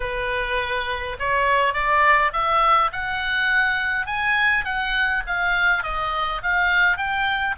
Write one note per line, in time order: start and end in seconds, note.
0.00 1.17 B4
1.19 1.73 C#5
1.73 2.31 D5
2.32 2.91 E5
2.92 4.06 F#5
4.06 4.64 G#5
4.64 5.23 F#5
5.26 5.83 F5
5.83 6.41 D#5
6.42 6.97 F5
6.97 7.55 G5